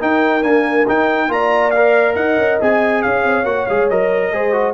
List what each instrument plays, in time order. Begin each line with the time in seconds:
0.00 trombone D#4, tuba D#4, horn A#4, trumpet G5
0.43 trombone A#3, tuba D4, trumpet G#5
0.88 trombone D#4, tuba D#4, trumpet G5
1.29 tuba A#3, trombone F4, horn D5, trumpet A#5
1.71 trombone A#4, trumpet F5
2.16 tuba D#4, horn D#5, trumpet F#5
2.38 tuba C#4
2.61 tuba C4, trombone G#4, trumpet G#5
3.03 tuba C#4, horn C#5, trumpet F5
3.24 tuba C4
3.44 tuba A#3, trombone F#4, trumpet F#5
3.67 tuba G#3, trombone G#4, trumpet F5
3.90 tuba F#3, trombone A#4, trumpet D#5
4.33 tuba G#3, trombone G#4, horn C5
4.53 trombone F#4